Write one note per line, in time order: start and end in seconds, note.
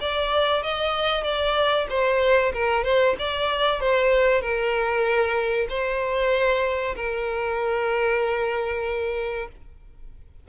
0.00 0.63 D5
0.63 1.24 D#5
1.24 1.87 D5
1.89 2.53 C5
2.53 2.84 A#4
2.84 3.16 C5
3.19 3.80 D5
3.80 4.41 C5
4.41 5.67 A#4
5.69 6.95 C5
6.96 9.48 A#4